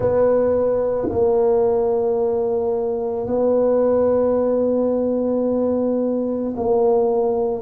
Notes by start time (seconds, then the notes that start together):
0.00 B3
1.09 A#3
3.27 B3
6.56 A#3